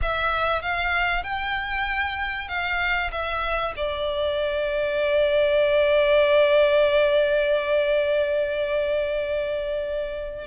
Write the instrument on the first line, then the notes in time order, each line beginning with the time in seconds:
violin
0.02 E5
0.61 F5
1.23 G5
2.48 F5
3.11 E5
3.76 D5